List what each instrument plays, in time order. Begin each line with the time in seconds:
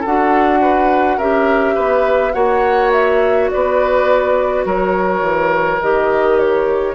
0.00 bassoon D4, clarinet F#4, oboe A4, flute F#5
0.61 oboe B4
1.17 bassoon C#4, clarinet G4, oboe A#4, flute E5
1.74 bassoon B3, oboe B4
2.33 bassoon A#3, clarinet F#4, oboe C#5, flute F#5
2.92 flute E5
3.50 bassoon B3, oboe B4, flute D5
4.65 bassoon F#3, oboe A#4, flute C#5
5.21 bassoon E3
5.81 bassoon D#3, clarinet G4, flute D#5
6.39 flute C#5